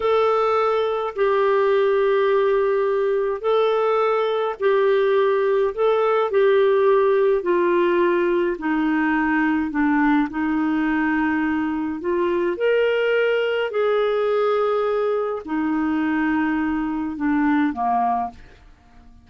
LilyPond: \new Staff \with { instrumentName = "clarinet" } { \time 4/4 \tempo 4 = 105 a'2 g'2~ | g'2 a'2 | g'2 a'4 g'4~ | g'4 f'2 dis'4~ |
dis'4 d'4 dis'2~ | dis'4 f'4 ais'2 | gis'2. dis'4~ | dis'2 d'4 ais4 | }